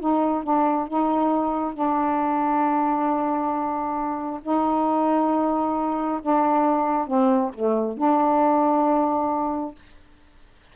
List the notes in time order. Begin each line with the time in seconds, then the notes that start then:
0.00 D#4
0.43 D4
0.88 D#4
1.74 D4
4.43 D#4
6.22 D4
7.07 C4
7.54 A3
7.98 D4